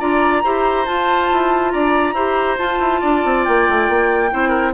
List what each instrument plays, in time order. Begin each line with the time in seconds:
0.00 bassoon D4, clarinet F4, oboe D5, flute A#5
0.44 bassoon E4, clarinet G4, oboe C5
0.86 clarinet F4, bassoon F4, flute A5
1.33 bassoon E4
1.71 bassoon D4, oboe D5, flute A#5
2.14 bassoon E4, clarinet G4, oboe C5
2.58 clarinet F4, bassoon F4, flute A5
2.80 bassoon E4
3.01 bassoon D4, oboe D5
3.25 bassoon C4
3.45 bassoon A#3, flute G5
3.69 bassoon A3
3.89 bassoon A#3
4.31 bassoon C4, clarinet E4, oboe C5
4.49 oboe A#4